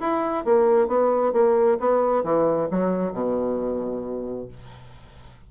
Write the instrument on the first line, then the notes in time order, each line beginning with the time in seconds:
bassoon
0.00 E4
0.45 A#3
0.87 B3
1.33 A#3
1.79 B3
2.24 E3
2.71 F#3
3.13 B2